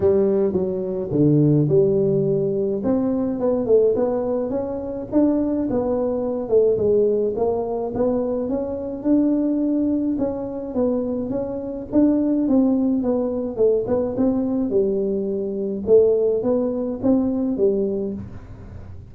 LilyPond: \new Staff \with { instrumentName = "tuba" } { \time 4/4 \tempo 4 = 106 g4 fis4 d4 g4~ | g4 c'4 b8 a8 b4 | cis'4 d'4 b4. a8 | gis4 ais4 b4 cis'4 |
d'2 cis'4 b4 | cis'4 d'4 c'4 b4 | a8 b8 c'4 g2 | a4 b4 c'4 g4 | }